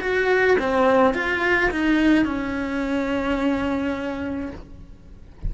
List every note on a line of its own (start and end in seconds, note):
0.00 0.57 F#4
0.59 1.14 C4
1.14 1.70 F4
1.70 2.24 D#4
2.24 4.51 C#4